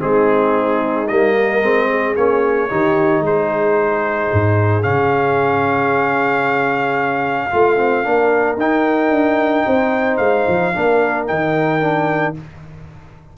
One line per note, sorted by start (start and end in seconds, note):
0.00 1.10 G#3
0.00 1.07 C4
0.00 1.35 D#4
0.00 1.08 G#4
1.08 1.63 G3
1.08 1.63 A#3
1.08 2.15 D#5
1.35 1.89 A#4
1.63 2.16 G#3
1.63 2.16 C4
1.91 2.70 G#4
2.16 2.71 A#3
2.16 2.69 C#4
2.16 3.23 C#5
2.70 3.20 D#3
2.70 4.83 D#4
2.70 3.24 G4
3.20 4.28 G#3
3.27 7.53 G#4
3.27 4.83 C5
4.33 4.86 G#2
4.83 7.53 C#3
4.83 7.50 C#4
4.83 8.58 F5
7.51 8.06 A3
7.51 7.77 F4
7.51 8.06 F4
7.77 8.04 C4
8.04 8.57 A#3
8.04 8.57 D4
8.04 9.67 A#4
8.57 9.10 D#4
8.57 10.74 D#4
8.57 10.17 G5
9.10 9.64 D4
9.67 10.19 C4
9.67 10.74 C5
10.17 10.46 G#3
10.17 11.25 F5
10.48 10.75 F3
10.74 11.30 A#3
10.74 11.28 D4
10.74 12.38 A#4
11.27 12.37 D#3
11.27 11.81 D#4
11.27 12.34 G5
11.81 12.34 D4